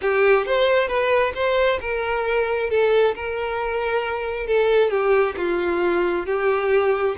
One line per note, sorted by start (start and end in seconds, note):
0.01 0.45 G4
0.45 0.88 C5
0.88 1.32 B4
1.34 1.79 C5
1.81 2.70 A#4
2.70 3.14 A4
3.15 4.47 A#4
4.47 4.90 A4
4.90 5.35 G4
5.37 6.26 F4
6.26 7.15 G4